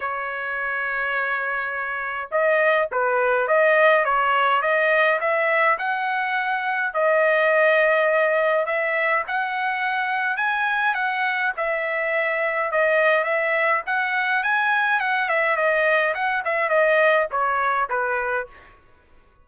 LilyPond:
\new Staff \with { instrumentName = "trumpet" } { \time 4/4 \tempo 4 = 104 cis''1 | dis''4 b'4 dis''4 cis''4 | dis''4 e''4 fis''2 | dis''2. e''4 |
fis''2 gis''4 fis''4 | e''2 dis''4 e''4 | fis''4 gis''4 fis''8 e''8 dis''4 | fis''8 e''8 dis''4 cis''4 b'4 | }